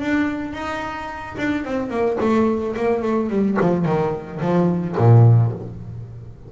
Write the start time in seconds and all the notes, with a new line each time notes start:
0.00 D4
0.53 D#4
1.38 D4
1.65 C4
1.90 A#3
2.21 A3
2.76 A#3
3.02 A3
3.30 G3
3.61 F3
3.86 D#3
4.41 F3
4.97 A#2